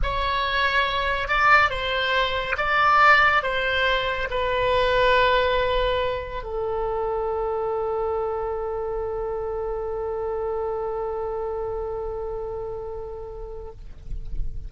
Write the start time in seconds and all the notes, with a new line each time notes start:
0.02 C#5
1.27 D5
1.70 C5
2.57 D5
3.42 C5
4.30 B4
6.43 A4